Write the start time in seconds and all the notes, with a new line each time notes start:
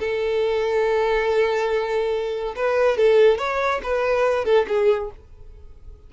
0.00 A4
2.56 B4
2.98 A4
3.39 C#5
3.84 B4
4.45 A4
4.68 G#4